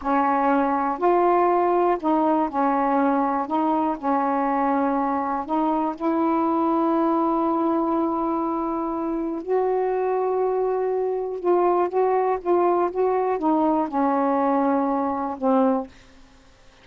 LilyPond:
\new Staff \with { instrumentName = "saxophone" } { \time 4/4 \tempo 4 = 121 cis'2 f'2 | dis'4 cis'2 dis'4 | cis'2. dis'4 | e'1~ |
e'2. fis'4~ | fis'2. f'4 | fis'4 f'4 fis'4 dis'4 | cis'2. c'4 | }